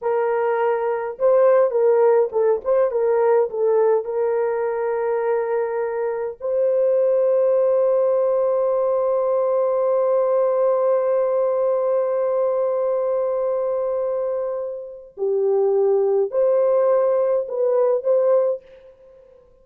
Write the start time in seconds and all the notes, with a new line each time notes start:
0.01 A#4
1.19 C5
1.71 A#4
2.32 A4
2.64 C5
2.91 A#4
3.50 A4
4.04 A#4
6.40 C5
15.17 G4
16.31 C5
17.48 B4
18.03 C5